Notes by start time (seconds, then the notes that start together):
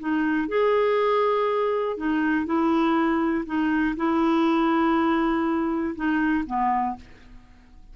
0.00 D#4
0.48 G#4
1.97 D#4
2.46 E4
3.46 D#4
3.97 E4
5.95 D#4
6.47 B3